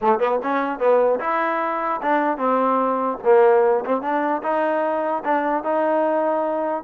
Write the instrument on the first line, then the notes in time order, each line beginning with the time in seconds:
trombone
0.01 A3
0.19 B3
0.42 C#4
0.79 B3
1.20 E4
2.02 D4
2.37 C4
3.24 A#3
3.85 C4
4.01 D4
4.42 D#4
5.24 D4
5.63 D#4